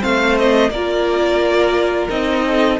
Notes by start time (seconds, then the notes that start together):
0.00 A3 C4 C5 F5
0.38 D#5
0.70 A#3 F4 A#4 D5
2.09 C4 D#4 D#5
2.46 A4